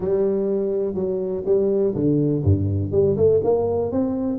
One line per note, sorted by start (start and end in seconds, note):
0.00 0.94 G3
0.94 1.43 F#3
1.45 1.94 G3
1.94 2.43 D3
2.43 2.91 G2
2.91 3.16 G3
3.16 3.40 A3
3.43 3.91 A#3
3.91 4.38 C4